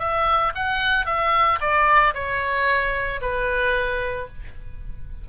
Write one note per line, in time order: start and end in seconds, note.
0.00 0.53 E5
0.56 1.06 F#5
1.06 1.60 E5
1.61 2.14 D5
2.15 3.21 C#5
3.22 4.28 B4